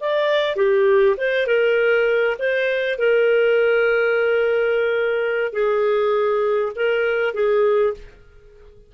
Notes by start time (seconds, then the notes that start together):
0.00 D5
0.56 G4
1.17 C5
1.46 A#4
2.38 C5
2.98 A#4
5.53 G#4
6.75 A#4
7.34 G#4